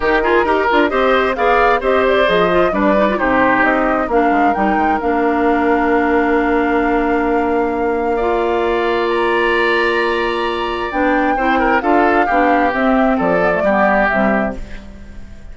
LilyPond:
<<
  \new Staff \with { instrumentName = "flute" } { \time 4/4 \tempo 4 = 132 ais'2 dis''4 f''4 | dis''8 d''8 dis''4 d''4 c''4 | dis''4 f''4 g''4 f''4~ | f''1~ |
f''1 | ais''1 | g''2 f''2 | e''4 d''2 e''4 | }
  \new Staff \with { instrumentName = "oboe" } { \time 4/4 g'8 gis'8 ais'4 c''4 d''4 | c''2 b'4 g'4~ | g'4 ais'2.~ | ais'1~ |
ais'2 d''2~ | d''1~ | d''4 c''8 ais'8 a'4 g'4~ | g'4 a'4 g'2 | }
  \new Staff \with { instrumentName = "clarinet" } { \time 4/4 dis'8 f'8 g'8 f'8 g'4 gis'4 | g'4 gis'8 f'8 d'8 dis'16 f'16 dis'4~ | dis'4 d'4 dis'4 d'4~ | d'1~ |
d'2 f'2~ | f'1 | d'4 e'4 f'4 d'4 | c'4. b16 a16 b4 g4 | }
  \new Staff \with { instrumentName = "bassoon" } { \time 4/4 dis4 dis'8 d'8 c'4 b4 | c'4 f4 g4 c4 | c'4 ais8 gis8 g8 gis8 ais4~ | ais1~ |
ais1~ | ais1 | b4 c'4 d'4 b4 | c'4 f4 g4 c4 | }
>>